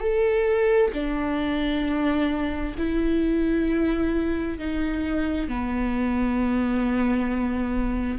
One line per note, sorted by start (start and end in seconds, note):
0.00 0.91 A4
0.93 2.75 D4
2.78 4.59 E4
4.59 5.48 D#4
5.48 8.19 B3